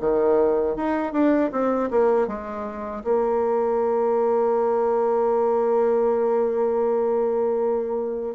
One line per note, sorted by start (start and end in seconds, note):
0.00 0.76 D#3
0.76 1.13 D#4
1.13 1.51 D4
1.52 1.90 C4
1.91 2.28 A#3
2.28 3.03 G#3
3.04 8.35 A#3